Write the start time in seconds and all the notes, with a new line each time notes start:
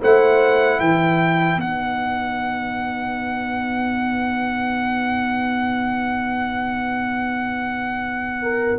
0.00 A3 E4 C5 F#5
0.80 E3 B4 G5
1.56 B3 D#4 F#5
8.42 A#4